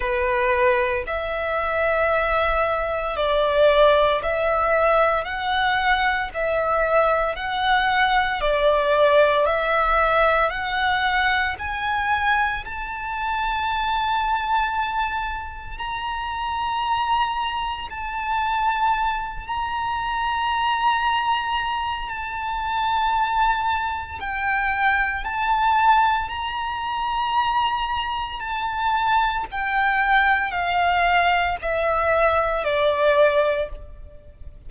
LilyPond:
\new Staff \with { instrumentName = "violin" } { \time 4/4 \tempo 4 = 57 b'4 e''2 d''4 | e''4 fis''4 e''4 fis''4 | d''4 e''4 fis''4 gis''4 | a''2. ais''4~ |
ais''4 a''4. ais''4.~ | ais''4 a''2 g''4 | a''4 ais''2 a''4 | g''4 f''4 e''4 d''4 | }